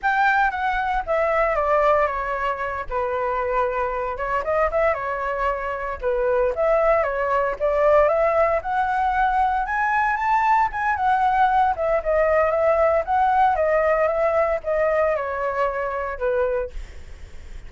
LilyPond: \new Staff \with { instrumentName = "flute" } { \time 4/4 \tempo 4 = 115 g''4 fis''4 e''4 d''4 | cis''4. b'2~ b'8 | cis''8 dis''8 e''8 cis''2 b'8~ | b'8 e''4 cis''4 d''4 e''8~ |
e''8 fis''2 gis''4 a''8~ | a''8 gis''8 fis''4. e''8 dis''4 | e''4 fis''4 dis''4 e''4 | dis''4 cis''2 b'4 | }